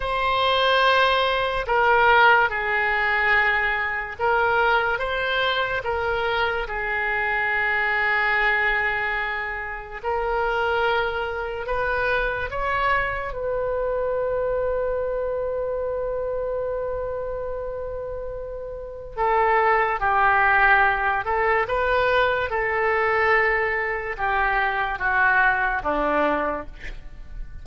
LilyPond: \new Staff \with { instrumentName = "oboe" } { \time 4/4 \tempo 4 = 72 c''2 ais'4 gis'4~ | gis'4 ais'4 c''4 ais'4 | gis'1 | ais'2 b'4 cis''4 |
b'1~ | b'2. a'4 | g'4. a'8 b'4 a'4~ | a'4 g'4 fis'4 d'4 | }